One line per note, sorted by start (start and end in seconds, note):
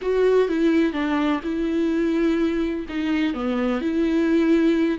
0.01 0.48 F#4
0.48 0.92 E4
0.92 1.40 D4
1.43 2.86 E4
2.88 3.34 D#4
3.34 3.81 B3
3.81 4.98 E4